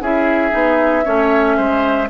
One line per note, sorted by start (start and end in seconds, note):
0.00 0.52 C#4
0.00 0.51 E4
0.00 1.05 G#4
0.00 2.09 E5
0.51 1.05 B3
0.51 1.03 D#4
1.05 1.58 A3
1.05 2.08 C#4
1.05 1.56 C#5
1.56 2.10 G#3
1.56 2.08 C5